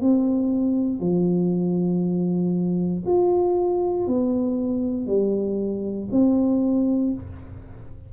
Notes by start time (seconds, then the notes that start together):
0.00 C4
1.00 F3
3.06 F4
4.07 B3
5.07 G3
6.11 C4